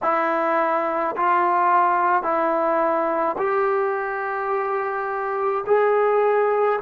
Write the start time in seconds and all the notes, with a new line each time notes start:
0.02 E4
1.16 F4
2.22 E4
3.38 G4
5.66 G#4